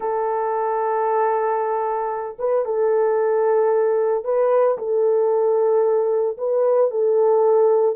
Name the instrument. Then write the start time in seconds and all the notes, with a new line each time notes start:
horn
0.00 A4
2.38 B4
2.65 A4
4.24 B4
4.78 A4
6.37 B4
6.90 A4